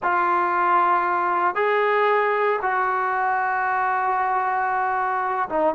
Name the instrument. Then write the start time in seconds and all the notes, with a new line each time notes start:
trombone
0.02 F4
1.55 G#4
2.62 F#4
5.49 D#4